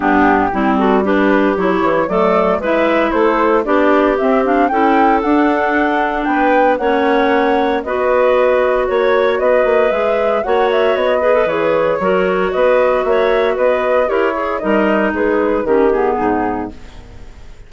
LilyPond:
<<
  \new Staff \with { instrumentName = "flute" } { \time 4/4 \tempo 4 = 115 g'4. a'8 b'4 cis''4 | d''4 e''4 c''4 d''4 | e''8 f''8 g''4 fis''2 | g''4 fis''2 dis''4~ |
dis''4 cis''4 dis''4 e''4 | fis''8 e''8 dis''4 cis''2 | dis''4 e''4 dis''4 cis''4 | dis''4 b'4 ais'8 gis'4. | }
  \new Staff \with { instrumentName = "clarinet" } { \time 4/4 d'4 e'8 fis'8 g'2 | a'4 b'4 a'4 g'4~ | g'4 a'2. | b'4 cis''2 b'4~ |
b'4 cis''4 b'2 | cis''4. b'4. ais'4 | b'4 cis''4 b'4 ais'8 gis'8 | ais'4 gis'4 g'4 dis'4 | }
  \new Staff \with { instrumentName = "clarinet" } { \time 4/4 b4 c'4 d'4 e'4 | a4 e'2 d'4 | c'8 d'8 e'4 d'2~ | d'4 cis'2 fis'4~ |
fis'2. gis'4 | fis'4. gis'16 a'16 gis'4 fis'4~ | fis'2. g'8 gis'8 | dis'2 cis'8 b4. | }
  \new Staff \with { instrumentName = "bassoon" } { \time 4/4 g,4 g2 fis8 e8 | fis4 gis4 a4 b4 | c'4 cis'4 d'2 | b4 ais2 b4~ |
b4 ais4 b8 ais8 gis4 | ais4 b4 e4 fis4 | b4 ais4 b4 e'4 | g4 gis4 dis4 gis,4 | }
>>